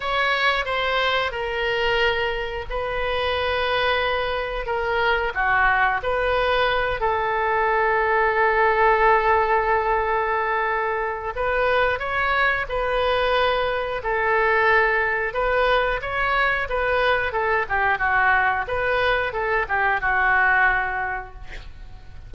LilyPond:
\new Staff \with { instrumentName = "oboe" } { \time 4/4 \tempo 4 = 90 cis''4 c''4 ais'2 | b'2. ais'4 | fis'4 b'4. a'4.~ | a'1~ |
a'4 b'4 cis''4 b'4~ | b'4 a'2 b'4 | cis''4 b'4 a'8 g'8 fis'4 | b'4 a'8 g'8 fis'2 | }